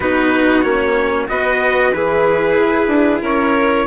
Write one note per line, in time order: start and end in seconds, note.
0.00 0.63 B3
0.00 0.63 D#4
0.00 1.28 F#4
0.00 0.62 B4
0.62 1.28 A#3
0.62 1.28 C#4
0.62 1.27 C#5
1.28 1.93 B3
1.28 1.92 F#4
1.28 1.94 B4
1.28 1.93 D#5
1.93 2.58 E3
1.93 3.86 E4
1.93 3.21 G#4
1.93 3.22 B4
2.59 2.87 E4
2.87 3.19 D4
3.21 3.86 C#4
3.21 3.86 A#4
3.21 3.86 C#5